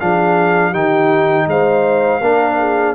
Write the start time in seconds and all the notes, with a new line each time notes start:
0.00 F3 D4 G#4 F5
0.70 D#3 D#4 G4 G5
1.47 G#3 C5 F5
2.21 A#3 D4 A#4
2.59 G#4